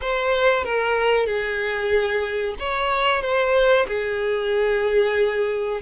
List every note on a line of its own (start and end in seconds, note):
0.01 0.64 C5
0.64 1.26 A#4
1.26 2.55 G#4
2.59 3.21 C#5
3.21 3.86 C5
3.87 5.81 G#4